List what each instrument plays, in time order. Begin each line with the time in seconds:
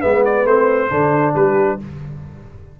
0.00 tuba G#3, trombone B3, horn B4, trumpet E5
0.25 trumpet D5
0.45 tuba A3, trombone C4, trumpet C5
0.90 tuba D3, trombone D4, horn A4
1.35 tuba G3, horn G4, trumpet B4